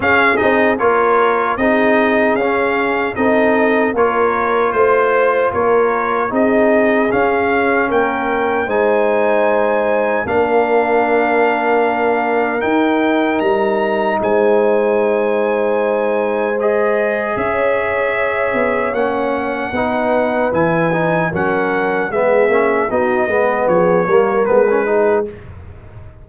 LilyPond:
<<
  \new Staff \with { instrumentName = "trumpet" } { \time 4/4 \tempo 4 = 76 f''8 dis''8 cis''4 dis''4 f''4 | dis''4 cis''4 c''4 cis''4 | dis''4 f''4 g''4 gis''4~ | gis''4 f''2. |
g''4 ais''4 gis''2~ | gis''4 dis''4 e''2 | fis''2 gis''4 fis''4 | e''4 dis''4 cis''4 b'4 | }
  \new Staff \with { instrumentName = "horn" } { \time 4/4 gis'4 ais'4 gis'2 | a'4 ais'4 c''4 ais'4 | gis'2 ais'4 c''4~ | c''4 ais'2.~ |
ais'2 c''2~ | c''2 cis''2~ | cis''4 b'2 ais'4 | gis'4 fis'8 b'8 gis'8 ais'4 gis'8 | }
  \new Staff \with { instrumentName = "trombone" } { \time 4/4 cis'8 dis'8 f'4 dis'4 cis'4 | dis'4 f'2. | dis'4 cis'2 dis'4~ | dis'4 d'2. |
dis'1~ | dis'4 gis'2. | cis'4 dis'4 e'8 dis'8 cis'4 | b8 cis'8 dis'8 b4 ais8 b16 cis'16 dis'8 | }
  \new Staff \with { instrumentName = "tuba" } { \time 4/4 cis'8 c'8 ais4 c'4 cis'4 | c'4 ais4 a4 ais4 | c'4 cis'4 ais4 gis4~ | gis4 ais2. |
dis'4 g4 gis2~ | gis2 cis'4. b8 | ais4 b4 e4 fis4 | gis8 ais8 b8 gis8 f8 g8 gis4 | }
>>